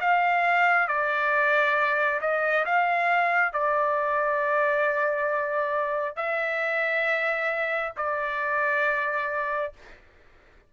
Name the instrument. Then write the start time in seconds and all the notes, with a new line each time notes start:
trumpet
0.00 F5
0.87 D5
2.21 D#5
2.65 F5
3.53 D5
6.16 E5
7.97 D5